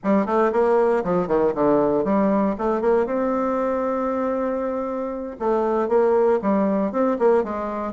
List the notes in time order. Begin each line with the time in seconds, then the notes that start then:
0.03 G3
0.26 A3
0.52 A#3
1.04 F3
1.27 D#3
1.54 D3
2.04 G3
2.58 A3
2.81 A#3
3.06 C4
5.39 A3
5.88 A#3
6.42 G3
6.91 C4
7.18 A#3
7.43 G#3